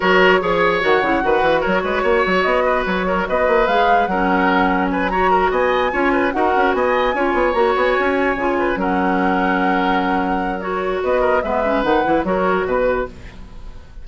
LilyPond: <<
  \new Staff \with { instrumentName = "flute" } { \time 4/4 \tempo 4 = 147 cis''2 fis''2 | cis''2 dis''4 cis''4 | dis''4 f''4 fis''2 | gis''8 ais''4 gis''2 fis''8~ |
fis''8 gis''2 ais''8 gis''4~ | gis''4. fis''2~ fis''8~ | fis''2 cis''4 dis''4 | e''4 fis''4 cis''4 b'4 | }
  \new Staff \with { instrumentName = "oboe" } { \time 4/4 ais'4 cis''2 b'4 | ais'8 b'8 cis''4. b'4 ais'8 | b'2 ais'2 | b'8 cis''8 ais'8 dis''4 cis''8 b'8 ais'8~ |
ais'8 dis''4 cis''2~ cis''8~ | cis''4 b'8 ais'2~ ais'8~ | ais'2. b'8 ais'8 | b'2 ais'4 b'4 | }
  \new Staff \with { instrumentName = "clarinet" } { \time 4/4 fis'4 gis'4 fis'8 e'8 fis'4~ | fis'1~ | fis'4 gis'4 cis'2~ | cis'8 fis'2 f'4 fis'8~ |
fis'4. f'4 fis'4.~ | fis'8 f'4 cis'2~ cis'8~ | cis'2 fis'2 | b8 cis'8 dis'8 e'8 fis'2 | }
  \new Staff \with { instrumentName = "bassoon" } { \time 4/4 fis4 f4 dis8 cis8 dis8 e8 | fis8 gis8 ais8 fis8 b4 fis4 | b8 ais8 gis4 fis2~ | fis4. b4 cis'4 dis'8 |
cis'8 b4 cis'8 b8 ais8 b8 cis'8~ | cis'8 cis4 fis2~ fis8~ | fis2. b4 | gis4 dis8 e8 fis4 b,4 | }
>>